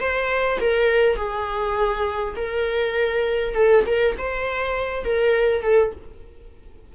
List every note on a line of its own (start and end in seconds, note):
0.00 0.59 C5
0.61 1.16 A#4
1.16 2.35 G#4
2.36 3.55 A#4
3.55 3.84 A4
3.86 4.16 A#4
4.18 5.04 C5
5.04 5.63 A#4
5.63 5.92 A4